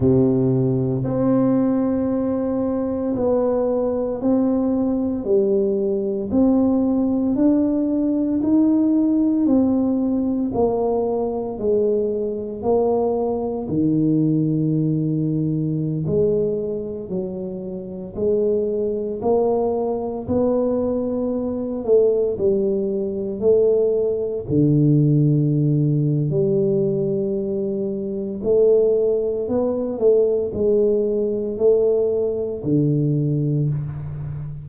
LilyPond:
\new Staff \with { instrumentName = "tuba" } { \time 4/4 \tempo 4 = 57 c4 c'2 b4 | c'4 g4 c'4 d'4 | dis'4 c'4 ais4 gis4 | ais4 dis2~ dis16 gis8.~ |
gis16 fis4 gis4 ais4 b8.~ | b8. a8 g4 a4 d8.~ | d4 g2 a4 | b8 a8 gis4 a4 d4 | }